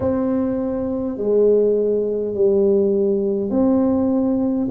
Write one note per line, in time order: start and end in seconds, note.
0.00 1.17 C4
1.17 2.34 G#3
2.34 3.50 G3
3.50 4.67 C4